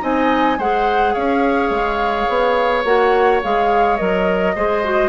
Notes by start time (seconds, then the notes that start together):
0.00 C4 D#4 D#5 G#5
0.58 G#3 G#4 C5 F#5
1.13 C#4 C#5 F5
1.70 G#3
2.29 B3
2.84 A#3 F#4 F#5
3.43 G#3 G#4 F5
3.97 F#3 A#4 D#5
4.55 G#3 G#4 C5
4.84 F#4